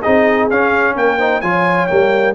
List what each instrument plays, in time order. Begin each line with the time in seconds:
0.00 trombone D#4, horn G#4, trumpet D#5
0.06 tuba C4
0.50 tuba C#4, trombone C#4, trumpet F5
0.95 tuba A#3, horn A#4, trumpet G5
1.17 trombone D#4, horn C5
1.41 tuba F3, trombone F4, horn C#5, trumpet G#5
1.87 tuba G3, trombone A#3, trumpet G5